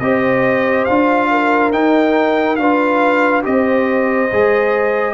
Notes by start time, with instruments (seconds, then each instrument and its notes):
0.00 tuba C4, trombone G4, horn C5, trumpet D#5
0.85 tuba D4, trombone F4, trumpet F5
1.31 horn A#4
1.72 trombone D#4, tuba D#4, trumpet G5
2.56 tuba D4, trombone F4, horn B4, trumpet F5
3.42 tuba C4, trombone G4, horn C5, trumpet D#5
4.32 tuba G#3, trombone G#4